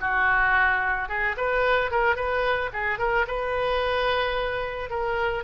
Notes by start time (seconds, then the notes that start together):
0.00 F#4
1.09 G#4
1.37 B4
1.91 A#4
2.15 B4
2.73 G#4
2.99 A#4
3.27 B4
4.89 A#4